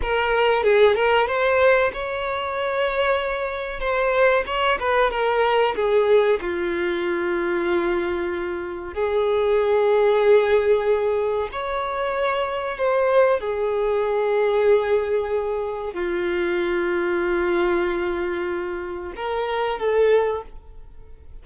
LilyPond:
\new Staff \with { instrumentName = "violin" } { \time 4/4 \tempo 4 = 94 ais'4 gis'8 ais'8 c''4 cis''4~ | cis''2 c''4 cis''8 b'8 | ais'4 gis'4 f'2~ | f'2 gis'2~ |
gis'2 cis''2 | c''4 gis'2.~ | gis'4 f'2.~ | f'2 ais'4 a'4 | }